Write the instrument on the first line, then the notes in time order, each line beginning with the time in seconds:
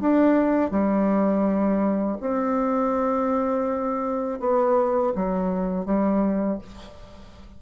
bassoon
0.00 D4
0.71 G3
2.21 C4
4.40 B3
5.15 F#3
5.85 G3